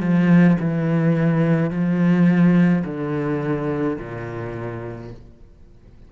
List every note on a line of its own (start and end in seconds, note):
0.00 0.57 F3
0.60 1.70 E3
1.70 2.84 F3
2.85 3.98 D3
3.98 5.11 A#2